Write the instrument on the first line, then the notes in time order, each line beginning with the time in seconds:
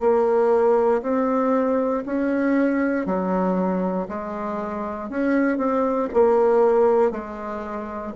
bassoon
0.00 A#3
1.02 C4
2.06 C#4
3.06 F#3
4.09 G#3
5.10 C#4
5.57 C4
6.13 A#3
7.11 G#3